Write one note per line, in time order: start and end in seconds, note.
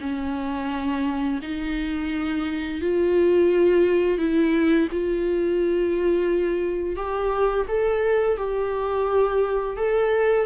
0.00 1.40 C#4
1.42 2.81 D#4
2.81 4.18 F4
4.18 4.88 E4
4.91 6.96 F4
6.96 7.66 G4
7.68 8.37 A4
8.37 9.76 G4
9.76 10.46 A4